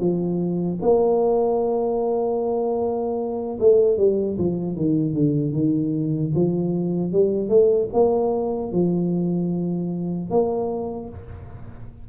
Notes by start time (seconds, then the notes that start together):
0.00 F3
0.82 A#3
3.60 A3
3.98 G3
4.39 F3
4.76 D#3
5.14 D3
5.53 D#3
6.36 F3
7.13 G3
7.50 A3
7.93 A#3
8.73 F3
10.31 A#3